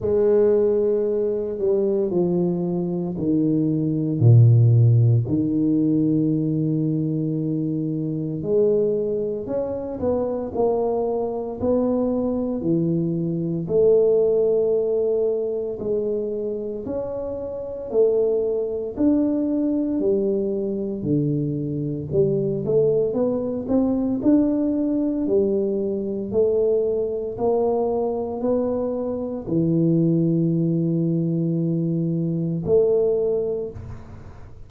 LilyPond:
\new Staff \with { instrumentName = "tuba" } { \time 4/4 \tempo 4 = 57 gis4. g8 f4 dis4 | ais,4 dis2. | gis4 cis'8 b8 ais4 b4 | e4 a2 gis4 |
cis'4 a4 d'4 g4 | d4 g8 a8 b8 c'8 d'4 | g4 a4 ais4 b4 | e2. a4 | }